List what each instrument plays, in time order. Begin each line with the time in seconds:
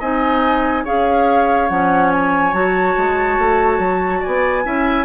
0.00 bassoon C4, clarinet D#4, oboe D#5, flute G#5
0.84 bassoon C#4, clarinet G#4, oboe C#5, flute F5
1.70 bassoon F3, clarinet C#4, flute F#5
2.13 flute G#5
2.53 bassoon F#3, clarinet F#4, flute A5
2.97 bassoon G#3
3.38 bassoon A3
3.79 bassoon F#3
4.20 oboe D5, flute G#5
4.27 bassoon B3
4.64 bassoon C#4, clarinet E4, oboe E5